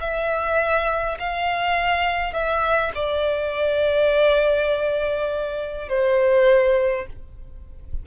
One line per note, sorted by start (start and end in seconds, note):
0.00 1.18 E5
1.19 2.33 F5
2.33 2.92 E5
2.95 5.89 D5
5.89 7.06 C5